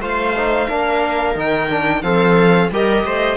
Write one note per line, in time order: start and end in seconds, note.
0.00 0.67 A3
0.00 0.35 F4
0.00 0.67 C5
0.00 1.38 F5
0.36 0.69 D#4
0.67 1.35 A#3
0.67 1.35 D4
0.67 2.02 A#4
1.35 2.02 D#3
1.35 1.68 D#4
1.35 2.02 G5
1.69 2.03 D4
2.02 2.70 F3
2.02 2.70 C4
2.02 2.71 A4
2.02 2.69 F5
2.70 3.04 G3
2.70 3.36 G4
2.70 3.06 A#4
2.70 3.36 D#5
3.04 3.36 A3
3.04 3.36 C5